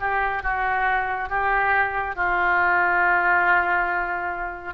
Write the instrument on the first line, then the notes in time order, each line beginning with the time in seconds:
oboe
0.00 G4
0.43 F#4
1.29 G4
2.16 F4